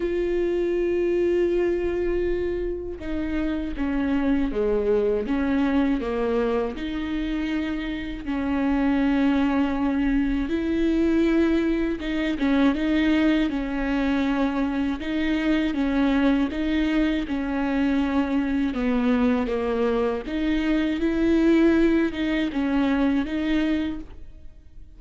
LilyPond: \new Staff \with { instrumentName = "viola" } { \time 4/4 \tempo 4 = 80 f'1 | dis'4 cis'4 gis4 cis'4 | ais4 dis'2 cis'4~ | cis'2 e'2 |
dis'8 cis'8 dis'4 cis'2 | dis'4 cis'4 dis'4 cis'4~ | cis'4 b4 ais4 dis'4 | e'4. dis'8 cis'4 dis'4 | }